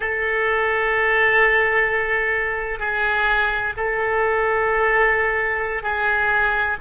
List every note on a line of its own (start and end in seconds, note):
0.00 2.79 A4
2.79 3.73 G#4
3.76 5.83 A4
5.83 6.76 G#4